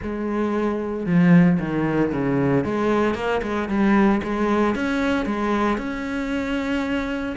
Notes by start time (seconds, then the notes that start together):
0.02 G#3
1.06 F3
1.59 D#3
2.12 C#3
2.64 G#3
3.14 A#3
3.42 G#3
3.68 G3
4.23 G#3
4.75 C#4
5.25 G#3
5.77 C#4